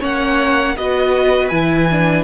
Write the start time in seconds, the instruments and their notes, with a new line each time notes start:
0.00 cello A#3, viola C#4, violin C#5 F#5
0.77 cello B3, viola F#4, violin B4 D#5
1.49 cello E3, viola E4, violin G#5
1.91 viola D4